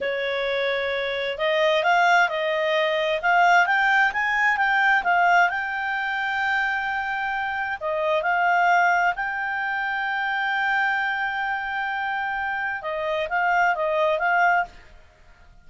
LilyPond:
\new Staff \with { instrumentName = "clarinet" } { \time 4/4 \tempo 4 = 131 cis''2. dis''4 | f''4 dis''2 f''4 | g''4 gis''4 g''4 f''4 | g''1~ |
g''4 dis''4 f''2 | g''1~ | g''1 | dis''4 f''4 dis''4 f''4 | }